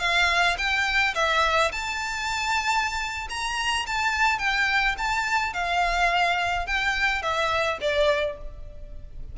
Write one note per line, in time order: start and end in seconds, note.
0.00 0.57 F5
0.58 1.14 G5
1.15 1.71 E5
1.72 3.28 A5
3.29 3.86 A#5
3.86 4.39 A5
4.39 4.95 G5
4.98 5.53 A5
5.53 6.67 F5
6.67 7.22 G5
7.22 7.79 E5
7.81 8.37 D5